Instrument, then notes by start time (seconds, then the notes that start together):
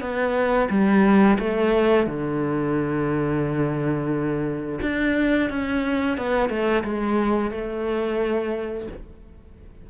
cello
0.00 B3
0.69 G3
1.39 A3
2.06 D3
4.82 D4
5.49 C#4
6.17 B3
6.49 A3
6.84 G#3
7.51 A3